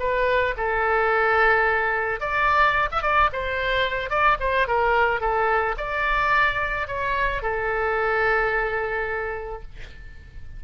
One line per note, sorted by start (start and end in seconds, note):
0.00 0.55 B4
0.57 2.21 A4
2.21 2.89 D5
2.92 3.03 E5
3.03 3.30 D5
3.33 4.10 C5
4.10 4.38 D5
4.40 4.68 C5
4.68 5.21 A#4
5.21 5.76 A4
5.78 6.88 D5
6.88 7.43 C#5
7.43 9.63 A4